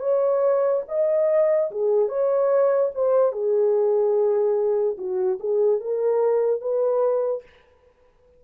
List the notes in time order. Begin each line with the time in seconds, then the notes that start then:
0.00 C#5
0.89 D#5
1.71 G#4
2.09 C#5
2.95 C5
3.33 G#4
4.98 F#4
5.40 G#4
5.81 A#4
6.61 B4